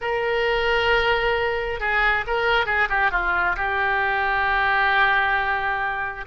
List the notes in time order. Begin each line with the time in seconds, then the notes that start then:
0.01 A#4
1.80 G#4
2.27 A#4
2.66 G#4
2.89 G4
3.11 F4
3.56 G4